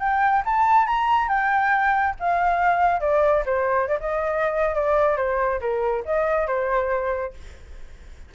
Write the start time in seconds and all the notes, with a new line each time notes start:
0.00 G5
0.45 A5
0.87 A#5
1.29 G5
2.20 F5
3.01 D5
3.46 C5
3.88 D5
4.00 D#5
4.75 D5
5.17 C5
5.61 A#4
6.05 D#5
6.47 C5